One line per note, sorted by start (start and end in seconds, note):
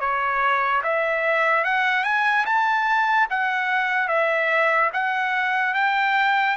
0.00 0.82 C#5
0.83 1.64 E5
1.64 2.04 F#5
2.04 2.45 G#5
2.45 3.28 A5
3.30 4.08 F#5
4.08 4.90 E5
4.93 5.74 F#5
5.74 6.56 G5